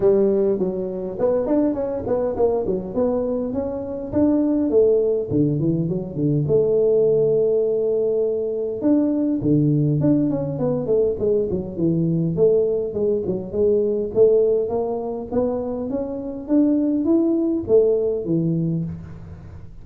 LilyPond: \new Staff \with { instrumentName = "tuba" } { \time 4/4 \tempo 4 = 102 g4 fis4 b8 d'8 cis'8 b8 | ais8 fis8 b4 cis'4 d'4 | a4 d8 e8 fis8 d8 a4~ | a2. d'4 |
d4 d'8 cis'8 b8 a8 gis8 fis8 | e4 a4 gis8 fis8 gis4 | a4 ais4 b4 cis'4 | d'4 e'4 a4 e4 | }